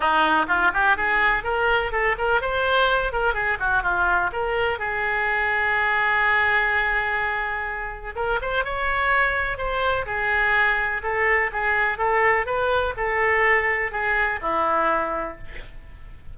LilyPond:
\new Staff \with { instrumentName = "oboe" } { \time 4/4 \tempo 4 = 125 dis'4 f'8 g'8 gis'4 ais'4 | a'8 ais'8 c''4. ais'8 gis'8 fis'8 | f'4 ais'4 gis'2~ | gis'1~ |
gis'4 ais'8 c''8 cis''2 | c''4 gis'2 a'4 | gis'4 a'4 b'4 a'4~ | a'4 gis'4 e'2 | }